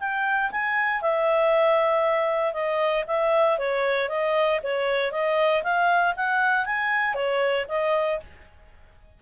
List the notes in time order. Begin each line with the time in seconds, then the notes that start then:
0.00 G5
0.52 G#5
1.02 E5
2.54 D#5
3.07 E5
3.59 C#5
4.09 D#5
4.64 C#5
5.12 D#5
5.63 F5
6.17 F#5
6.66 G#5
7.15 C#5
7.69 D#5